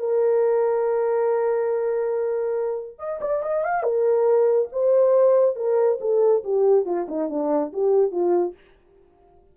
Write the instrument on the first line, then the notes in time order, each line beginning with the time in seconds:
horn
0.00 A#4
2.99 D#5
3.21 D5
3.43 D#5
3.64 F5
3.83 A#4
4.73 C5
5.56 A#4
6.01 A4
6.44 G4
6.86 F4
7.08 D#4
7.30 D4
7.73 G4
8.12 F4